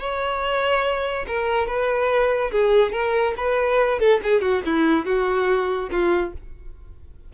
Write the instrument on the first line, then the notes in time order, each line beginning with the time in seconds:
violin
0.00 C#5
1.28 A#4
1.67 B4
2.52 G#4
2.92 A#4
3.37 B4
3.99 A4
4.24 G#4
4.41 F#4
4.66 E4
5.06 F#4
5.91 F4